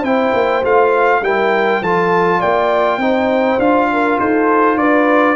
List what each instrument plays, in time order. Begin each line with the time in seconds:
0.00 tuba C4, trombone E4, horn C5, trumpet G5
0.33 tuba A#3
0.62 tuba A3, trombone F4, trumpet F5
1.21 tuba G3, trombone E4, horn A#4, trumpet G5
1.81 tuba F3, trombone F4, horn A4, trumpet A5
2.39 tuba A#3, horn D5, trumpet G5
2.97 tuba C4, trombone D#4, horn C5
3.58 tuba D4, trombone F4, trumpet F5
3.92 horn A#4
4.19 tuba D#4, horn A4, trumpet C5
4.77 tuba D4, horn B4, trumpet D5